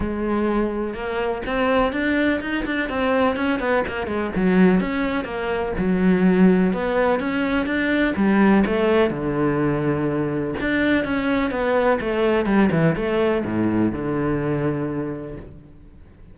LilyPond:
\new Staff \with { instrumentName = "cello" } { \time 4/4 \tempo 4 = 125 gis2 ais4 c'4 | d'4 dis'8 d'8 c'4 cis'8 b8 | ais8 gis8 fis4 cis'4 ais4 | fis2 b4 cis'4 |
d'4 g4 a4 d4~ | d2 d'4 cis'4 | b4 a4 g8 e8 a4 | a,4 d2. | }